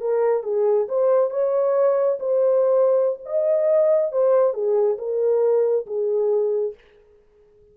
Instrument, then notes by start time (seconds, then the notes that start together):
horn
0.00 A#4
0.43 G#4
0.88 C5
1.30 C#5
2.19 C5
3.25 D#5
4.12 C5
4.53 G#4
4.98 A#4
5.86 G#4